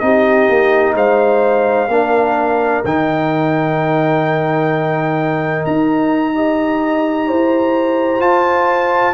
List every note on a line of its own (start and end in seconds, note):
0.00 0.49 C4
0.00 1.89 D#4
0.00 0.96 G4
0.00 0.94 D#5
0.50 0.95 A#3
0.95 1.88 G#3
0.95 1.89 C5
0.95 2.85 F5
1.88 2.82 A#3
1.88 2.85 D4
1.88 6.36 A#4
2.85 5.66 D#3
2.85 6.34 D#4
2.85 5.66 G5
5.66 7.30 D#4
5.66 8.21 A#5
6.34 8.20 G4
6.34 7.28 D#5
7.28 8.20 E4
7.28 9.14 C5
8.20 9.13 F4
8.20 9.14 F4
8.20 9.14 A5